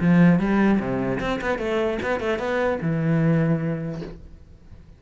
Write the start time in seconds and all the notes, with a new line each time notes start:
0.00 F3
0.39 G3
0.79 C3
1.19 C4
1.41 B3
1.58 A3
2.02 B3
2.19 A3
2.39 B3
2.81 E3